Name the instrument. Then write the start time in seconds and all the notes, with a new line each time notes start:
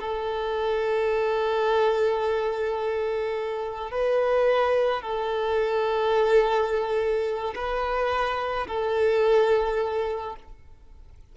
violin
0.00 A4
3.91 B4
5.02 A4
7.55 B4
8.68 A4